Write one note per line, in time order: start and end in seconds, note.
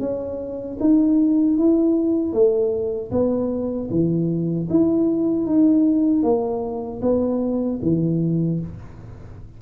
0.00 0.78 C#4
0.80 1.58 D#4
1.58 2.33 E4
2.33 3.11 A3
3.12 3.90 B3
3.91 4.69 E3
4.70 5.47 E4
5.47 6.23 D#4
6.23 7.01 A#3
7.02 7.80 B3
7.82 8.60 E3